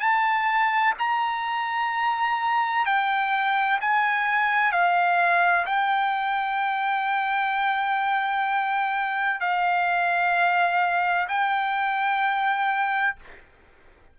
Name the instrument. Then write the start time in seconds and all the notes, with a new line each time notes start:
trumpet
0.00 A5
0.98 A#5
2.86 G5
3.81 G#5
4.72 F5
5.66 G5
9.40 F5
11.28 G5